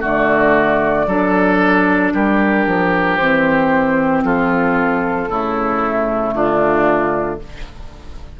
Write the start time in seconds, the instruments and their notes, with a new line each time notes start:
0.00 bassoon D3, clarinet A3, oboe F#4, flute D5
1.06 bassoon F#3, clarinet D4, oboe A4
2.13 bassoon G3, oboe G4, flute A#4
2.66 bassoon F3
3.16 bassoon E3, clarinet C4, flute C5
4.23 bassoon F3, oboe F4, flute A4
5.28 bassoon C#3, clarinet A3, oboe E4
6.33 bassoon D3, oboe D4, flute F4